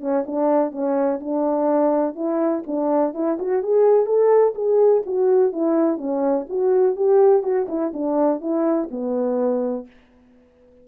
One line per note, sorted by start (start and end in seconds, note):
0.00 0.24 C#4
0.26 0.71 D4
0.71 1.19 C#4
1.20 2.15 D4
2.15 2.63 E4
2.66 3.14 D4
3.14 3.38 E4
3.39 3.62 F#4
3.62 4.06 G#4
4.06 4.54 A4
4.54 5.02 G#4
5.06 5.52 F#4
5.52 5.97 E4
5.97 6.45 C#4
6.49 6.96 F#4
6.96 7.42 G4
7.42 7.66 F#4
7.68 7.92 E4
7.93 8.40 D4
8.40 8.88 E4
8.90 9.86 B3